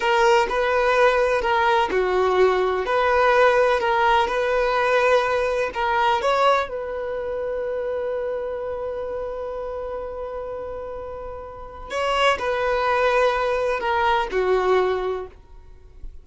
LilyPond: \new Staff \with { instrumentName = "violin" } { \time 4/4 \tempo 4 = 126 ais'4 b'2 ais'4 | fis'2 b'2 | ais'4 b'2. | ais'4 cis''4 b'2~ |
b'1~ | b'1~ | b'4 cis''4 b'2~ | b'4 ais'4 fis'2 | }